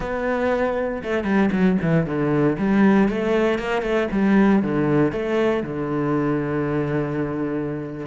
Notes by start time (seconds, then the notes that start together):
0.00 B3
1.03 A3
1.24 G3
1.52 F#3
1.81 E3
2.05 D3
2.58 G3
3.08 A3
3.58 A#3
3.82 A3
4.11 G3
4.62 D3
5.11 A3
5.63 D3